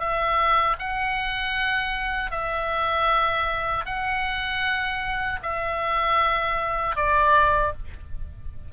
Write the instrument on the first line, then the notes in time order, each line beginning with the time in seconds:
oboe
0.00 E5
0.79 F#5
2.31 E5
3.86 F#5
5.43 E5
6.96 D5